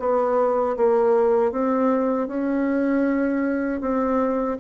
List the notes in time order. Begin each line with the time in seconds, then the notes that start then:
0.00 B3
0.77 A#3
1.52 C4
2.28 C#4
3.81 C4